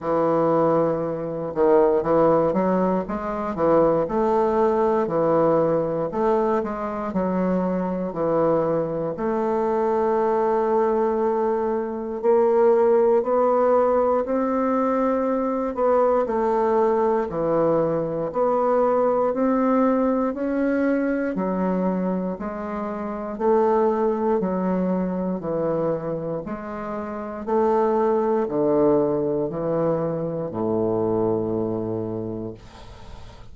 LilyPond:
\new Staff \with { instrumentName = "bassoon" } { \time 4/4 \tempo 4 = 59 e4. dis8 e8 fis8 gis8 e8 | a4 e4 a8 gis8 fis4 | e4 a2. | ais4 b4 c'4. b8 |
a4 e4 b4 c'4 | cis'4 fis4 gis4 a4 | fis4 e4 gis4 a4 | d4 e4 a,2 | }